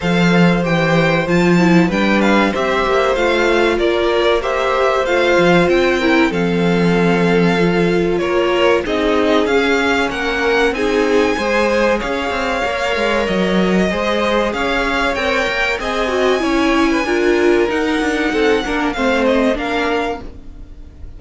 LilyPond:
<<
  \new Staff \with { instrumentName = "violin" } { \time 4/4 \tempo 4 = 95 f''4 g''4 a''4 g''8 f''8 | e''4 f''4 d''4 e''4 | f''4 g''4 f''2~ | f''4 cis''4 dis''4 f''4 |
fis''4 gis''2 f''4~ | f''4 dis''2 f''4 | g''4 gis''2. | fis''2 f''8 dis''8 f''4 | }
  \new Staff \with { instrumentName = "violin" } { \time 4/4 c''2. b'4 | c''2 ais'4 c''4~ | c''4. ais'8 a'2~ | a'4 ais'4 gis'2 |
ais'4 gis'4 c''4 cis''4~ | cis''2 c''4 cis''4~ | cis''4 dis''4 cis''8. b'16 ais'4~ | ais'4 a'8 ais'8 c''4 ais'4 | }
  \new Staff \with { instrumentName = "viola" } { \time 4/4 a'4 g'4 f'8 e'8 d'4 | g'4 f'2 g'4 | f'4. e'8 c'2 | f'2 dis'4 cis'4~ |
cis'4 dis'4 gis'2 | ais'2 gis'2 | ais'4 gis'8 fis'8 e'4 f'4 | dis'4. d'8 c'4 d'4 | }
  \new Staff \with { instrumentName = "cello" } { \time 4/4 f4 e4 f4 g4 | c'8 ais8 a4 ais2 | a8 f8 c'4 f2~ | f4 ais4 c'4 cis'4 |
ais4 c'4 gis4 cis'8 c'8 | ais8 gis8 fis4 gis4 cis'4 | c'8 ais8 c'4 cis'4 d'4 | dis'8 d'8 c'8 ais8 a4 ais4 | }
>>